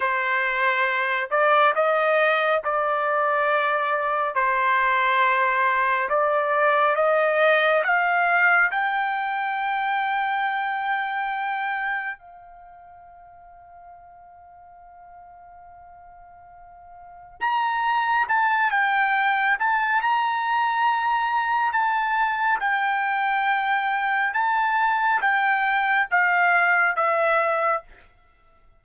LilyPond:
\new Staff \with { instrumentName = "trumpet" } { \time 4/4 \tempo 4 = 69 c''4. d''8 dis''4 d''4~ | d''4 c''2 d''4 | dis''4 f''4 g''2~ | g''2 f''2~ |
f''1 | ais''4 a''8 g''4 a''8 ais''4~ | ais''4 a''4 g''2 | a''4 g''4 f''4 e''4 | }